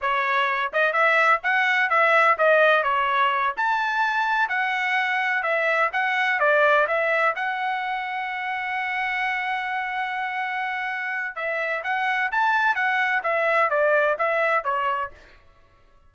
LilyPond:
\new Staff \with { instrumentName = "trumpet" } { \time 4/4 \tempo 4 = 127 cis''4. dis''8 e''4 fis''4 | e''4 dis''4 cis''4. a''8~ | a''4. fis''2 e''8~ | e''8 fis''4 d''4 e''4 fis''8~ |
fis''1~ | fis''1 | e''4 fis''4 a''4 fis''4 | e''4 d''4 e''4 cis''4 | }